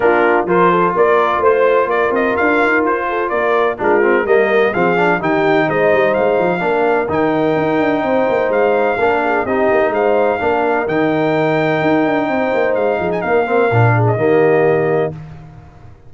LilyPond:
<<
  \new Staff \with { instrumentName = "trumpet" } { \time 4/4 \tempo 4 = 127 ais'4 c''4 d''4 c''4 | d''8 dis''8 f''4 c''4 d''4 | ais'4 dis''4 f''4 g''4 | dis''4 f''2 g''4~ |
g''2 f''2 | dis''4 f''2 g''4~ | g''2. f''8. gis''16 | f''4.~ f''16 dis''2~ dis''16 | }
  \new Staff \with { instrumentName = "horn" } { \time 4/4 f'4 ais'8 a'8 ais'4 c''4 | ais'2~ ais'8 a'8 ais'4 | f'4 ais'4 gis'4 g'4 | c''2 ais'2~ |
ais'4 c''2 ais'8 gis'8 | g'4 c''4 ais'2~ | ais'2 c''4. gis'8 | ais'4. gis'8 g'2 | }
  \new Staff \with { instrumentName = "trombone" } { \time 4/4 d'4 f'2.~ | f'1 | d'8 c'8 ais4 c'8 d'8 dis'4~ | dis'2 d'4 dis'4~ |
dis'2. d'4 | dis'2 d'4 dis'4~ | dis'1~ | dis'8 c'8 d'4 ais2 | }
  \new Staff \with { instrumentName = "tuba" } { \time 4/4 ais4 f4 ais4 a4 | ais8 c'8 d'8 dis'8 f'4 ais4 | gis4 g4 f4 dis4 | gis8 g8 gis8 f8 ais4 dis4 |
dis'8 d'8 c'8 ais8 gis4 ais4 | c'8 ais8 gis4 ais4 dis4~ | dis4 dis'8 d'8 c'8 ais8 gis8 f8 | ais4 ais,4 dis2 | }
>>